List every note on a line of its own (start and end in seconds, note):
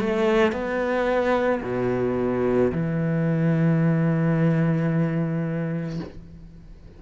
0.00 0.53 A3
0.53 1.62 B3
1.63 2.72 B2
2.73 6.00 E3